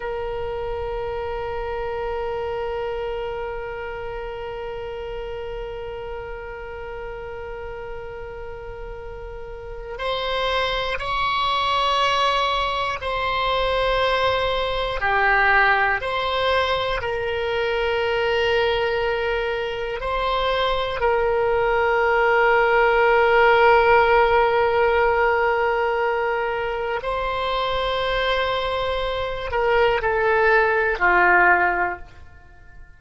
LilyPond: \new Staff \with { instrumentName = "oboe" } { \time 4/4 \tempo 4 = 60 ais'1~ | ais'1~ | ais'2 c''4 cis''4~ | cis''4 c''2 g'4 |
c''4 ais'2. | c''4 ais'2.~ | ais'2. c''4~ | c''4. ais'8 a'4 f'4 | }